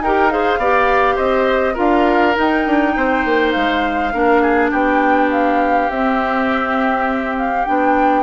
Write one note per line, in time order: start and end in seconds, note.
0.00 0.57 D#4
0.00 0.30 G4
0.00 0.32 A#4
0.00 0.30 G5
0.30 0.59 G#4
0.30 0.59 C5
0.30 1.17 F5
0.57 1.16 B3
0.57 1.74 G4
0.57 1.15 D5
1.15 1.76 C4
1.15 1.74 C5
1.15 1.75 D#5
1.74 2.36 D4
1.74 2.33 F4
1.74 2.91 A#4
1.74 2.36 F5
2.34 4.11 D#4
2.34 2.66 D#4
2.34 3.51 G5
2.66 2.96 D4
2.96 3.25 C4
2.96 4.13 C5
3.25 3.54 A#3
3.51 4.13 G#3
3.51 4.69 F5
4.13 4.72 A#3
4.13 5.89 D4
4.13 4.42 A#4
4.42 4.70 G#4
4.70 5.89 B3
4.70 8.23 G4
4.70 5.30 G5
5.31 5.90 F5
5.89 7.65 C4
5.89 7.37 E5
7.37 7.65 F5
7.65 8.23 B3
7.65 8.23 D4
7.65 8.23 G5